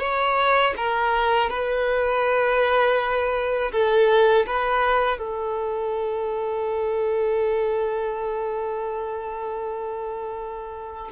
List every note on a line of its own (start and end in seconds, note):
0.00 0.74 C#5
0.77 1.50 A#4
1.50 3.72 B4
3.72 4.46 A4
4.47 5.19 B4
5.19 11.11 A4